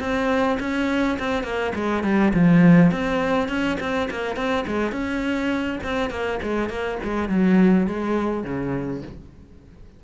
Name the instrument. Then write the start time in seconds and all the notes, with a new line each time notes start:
cello
0.00 C4
0.60 C#4
1.19 C4
1.43 A#3
1.75 G#3
2.03 G3
2.34 F3
2.91 C4
3.49 C#4
3.80 C4
4.10 A#3
4.36 C4
4.67 G#3
4.92 C#4
5.83 C4
6.10 A#3
6.43 G#3
6.69 A#3
7.03 G#3
7.29 F#3
7.87 G#3
8.44 C#3